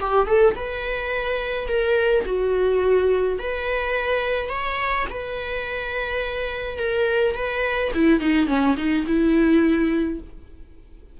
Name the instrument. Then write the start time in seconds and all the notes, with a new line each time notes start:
viola
0.00 G4
0.26 A4
0.55 B4
1.67 A#4
2.25 F#4
3.38 B4
4.49 C#5
5.10 B4
6.78 A#4
7.35 B4
7.94 E4
8.20 D#4
8.47 C#4
8.77 D#4
9.06 E4